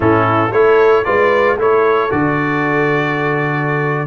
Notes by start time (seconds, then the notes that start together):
0.00 A2 C#4 E4 A4
0.51 A3 E4 A4 C#5
1.04 G#3 F4 B4 D5
1.57 A3 E4 A4 C#5
2.10 D3 F#4 D5